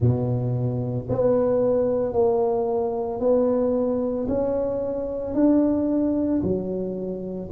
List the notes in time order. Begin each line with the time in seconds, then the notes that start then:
0.00 B2
1.09 B3
2.12 A#3
3.19 B3
4.28 C#4
5.34 D4
6.42 F#3